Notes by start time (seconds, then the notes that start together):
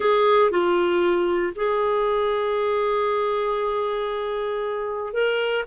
0.00 G#4
0.50 F4
1.55 G#4
5.13 A#4